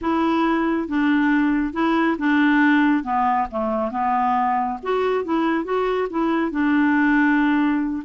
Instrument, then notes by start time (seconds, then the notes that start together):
clarinet
0.01 E4
0.88 D4
1.73 E4
2.18 D4
3.03 B3
3.51 A3
3.91 B3
4.82 F#4
5.24 E4
5.64 F#4
6.10 E4
6.51 D4